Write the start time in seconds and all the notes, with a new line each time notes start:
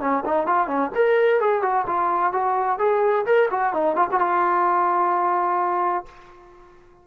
0.00 C#4
0.25 D#4
0.46 F4
0.67 C#4
0.95 A#4
1.40 G#4
1.62 F#4
1.87 F4
2.33 F#4
2.79 G#4
3.26 A#4
3.51 F#4
3.73 D#4
3.96 F4
4.11 F#4
4.19 F4